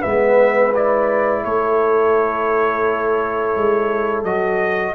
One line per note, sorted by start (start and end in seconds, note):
0.00 1.44 G#3
0.00 0.73 B3
0.00 1.41 B4
0.00 0.72 E5
0.74 4.25 E4
0.74 1.44 D5
1.44 3.56 A3
1.44 4.95 A4
1.44 4.24 C#5
3.56 4.23 G#3
4.23 4.94 F#3
4.23 4.95 F#4
4.23 4.94 D#5